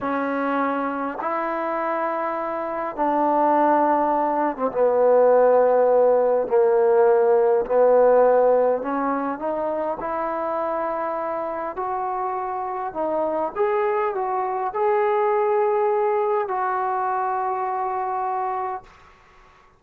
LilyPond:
\new Staff \with { instrumentName = "trombone" } { \time 4/4 \tempo 4 = 102 cis'2 e'2~ | e'4 d'2~ d'8. c'16 | b2. ais4~ | ais4 b2 cis'4 |
dis'4 e'2. | fis'2 dis'4 gis'4 | fis'4 gis'2. | fis'1 | }